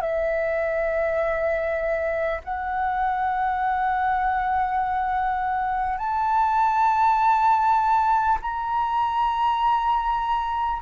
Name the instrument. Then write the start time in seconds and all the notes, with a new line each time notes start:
flute
0.00 E5
2.43 F#5
5.98 A5
8.41 A#5